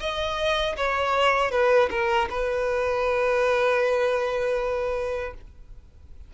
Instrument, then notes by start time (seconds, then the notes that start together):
violin
0.00 D#5
0.77 C#5
1.51 B4
1.91 A#4
2.30 B4